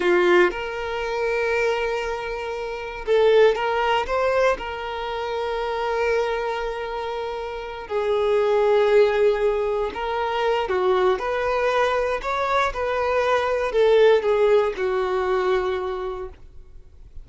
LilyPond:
\new Staff \with { instrumentName = "violin" } { \time 4/4 \tempo 4 = 118 f'4 ais'2.~ | ais'2 a'4 ais'4 | c''4 ais'2.~ | ais'2.~ ais'8 gis'8~ |
gis'2.~ gis'8 ais'8~ | ais'4 fis'4 b'2 | cis''4 b'2 a'4 | gis'4 fis'2. | }